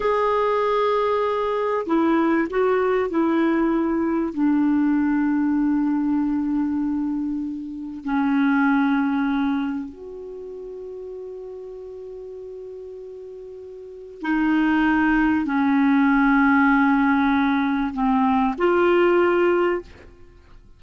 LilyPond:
\new Staff \with { instrumentName = "clarinet" } { \time 4/4 \tempo 4 = 97 gis'2. e'4 | fis'4 e'2 d'4~ | d'1~ | d'4 cis'2. |
fis'1~ | fis'2. dis'4~ | dis'4 cis'2.~ | cis'4 c'4 f'2 | }